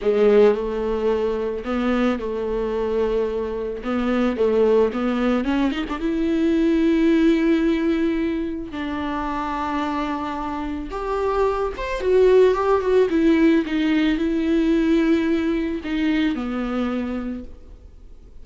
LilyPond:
\new Staff \with { instrumentName = "viola" } { \time 4/4 \tempo 4 = 110 gis4 a2 b4 | a2. b4 | a4 b4 cis'8 dis'16 d'16 e'4~ | e'1 |
d'1 | g'4. c''8 fis'4 g'8 fis'8 | e'4 dis'4 e'2~ | e'4 dis'4 b2 | }